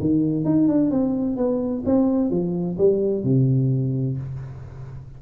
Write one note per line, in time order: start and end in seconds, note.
0.00 0.45 D#3
0.45 0.68 D#4
0.68 0.91 D4
0.91 1.37 C4
1.37 1.84 B3
1.86 2.31 C4
2.31 2.77 F3
2.78 3.24 G3
3.24 4.17 C3